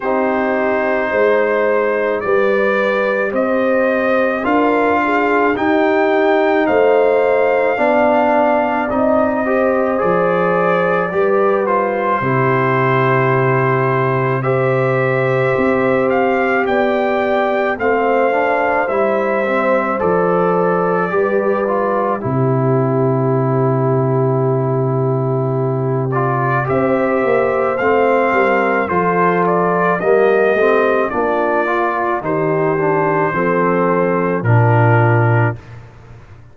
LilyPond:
<<
  \new Staff \with { instrumentName = "trumpet" } { \time 4/4 \tempo 4 = 54 c''2 d''4 dis''4 | f''4 g''4 f''2 | dis''4 d''4. c''4.~ | c''4 e''4. f''8 g''4 |
f''4 e''4 d''2 | c''2.~ c''8 d''8 | e''4 f''4 c''8 d''8 dis''4 | d''4 c''2 ais'4 | }
  \new Staff \with { instrumentName = "horn" } { \time 4/4 g'4 c''4 b'4 c''4 | ais'8 gis'8 g'4 c''4 d''4~ | d''8 c''4. b'4 g'4~ | g'4 c''2 d''4 |
c''2. b'4 | g'1 | c''4. ais'8 a'4 g'4 | f'4 g'4 a'4 f'4 | }
  \new Staff \with { instrumentName = "trombone" } { \time 4/4 dis'2 g'2 | f'4 dis'2 d'4 | dis'8 g'8 gis'4 g'8 f'8 e'4~ | e'4 g'2. |
c'8 d'8 e'8 c'8 a'4 g'8 f'8 | e'2.~ e'8 f'8 | g'4 c'4 f'4 ais8 c'8 | d'8 f'8 dis'8 d'8 c'4 d'4 | }
  \new Staff \with { instrumentName = "tuba" } { \time 4/4 c'4 gis4 g4 c'4 | d'4 dis'4 a4 b4 | c'4 f4 g4 c4~ | c2 c'4 b4 |
a4 g4 f4 g4 | c1 | c'8 ais8 a8 g8 f4 g8 a8 | ais4 dis4 f4 ais,4 | }
>>